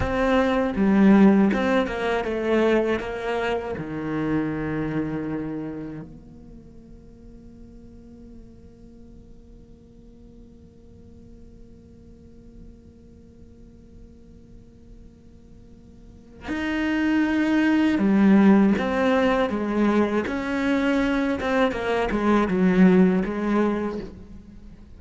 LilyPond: \new Staff \with { instrumentName = "cello" } { \time 4/4 \tempo 4 = 80 c'4 g4 c'8 ais8 a4 | ais4 dis2. | ais1~ | ais1~ |
ais1~ | ais2 dis'2 | g4 c'4 gis4 cis'4~ | cis'8 c'8 ais8 gis8 fis4 gis4 | }